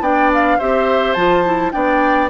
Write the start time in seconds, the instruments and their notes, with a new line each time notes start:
0.00 bassoon B3, clarinet D4, oboe D5, flute G5
0.33 flute F5
0.58 bassoon C4, clarinet G4, oboe C5, flute E5
1.13 bassoon F3, clarinet F4, flute A5
1.45 clarinet E4
1.71 bassoon B3, clarinet D4, oboe D5, flute G5